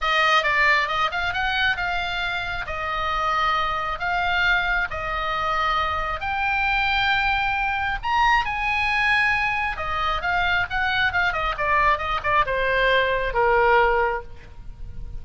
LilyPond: \new Staff \with { instrumentName = "oboe" } { \time 4/4 \tempo 4 = 135 dis''4 d''4 dis''8 f''8 fis''4 | f''2 dis''2~ | dis''4 f''2 dis''4~ | dis''2 g''2~ |
g''2 ais''4 gis''4~ | gis''2 dis''4 f''4 | fis''4 f''8 dis''8 d''4 dis''8 d''8 | c''2 ais'2 | }